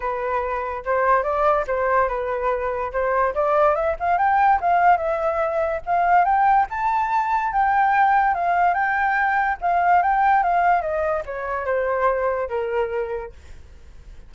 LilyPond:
\new Staff \with { instrumentName = "flute" } { \time 4/4 \tempo 4 = 144 b'2 c''4 d''4 | c''4 b'2 c''4 | d''4 e''8 f''8 g''4 f''4 | e''2 f''4 g''4 |
a''2 g''2 | f''4 g''2 f''4 | g''4 f''4 dis''4 cis''4 | c''2 ais'2 | }